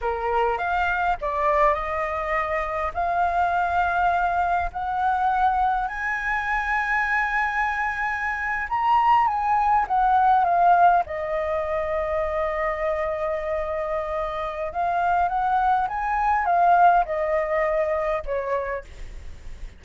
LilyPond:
\new Staff \with { instrumentName = "flute" } { \time 4/4 \tempo 4 = 102 ais'4 f''4 d''4 dis''4~ | dis''4 f''2. | fis''2 gis''2~ | gis''2~ gis''8. ais''4 gis''16~ |
gis''8. fis''4 f''4 dis''4~ dis''16~ | dis''1~ | dis''4 f''4 fis''4 gis''4 | f''4 dis''2 cis''4 | }